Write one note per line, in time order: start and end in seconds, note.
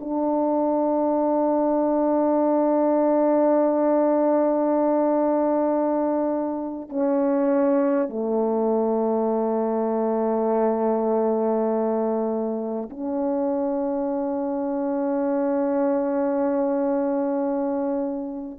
0.00 6.89 D4
6.89 8.09 C#4
8.09 12.89 A3
12.90 18.59 C#4